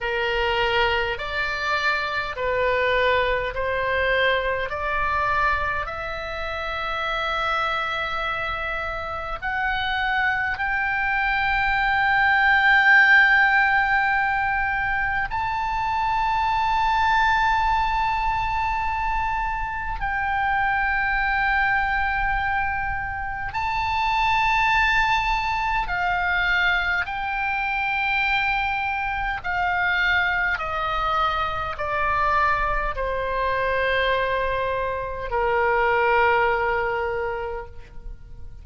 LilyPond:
\new Staff \with { instrumentName = "oboe" } { \time 4/4 \tempo 4 = 51 ais'4 d''4 b'4 c''4 | d''4 e''2. | fis''4 g''2.~ | g''4 a''2.~ |
a''4 g''2. | a''2 f''4 g''4~ | g''4 f''4 dis''4 d''4 | c''2 ais'2 | }